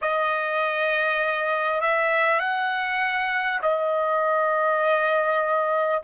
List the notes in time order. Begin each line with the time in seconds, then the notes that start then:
0.01 D#5
1.81 E5
2.39 F#5
3.62 D#5